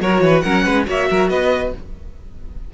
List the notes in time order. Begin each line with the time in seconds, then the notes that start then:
0.00 F#3 F#4 A#4 C#5
0.21 E3 B4
0.41 F#3 C#4 A#4 F#5
0.64 G#3 B4
0.85 A#3 F#4 C#5 E5
1.10 F#3 A#4
1.29 B3 B4 D#5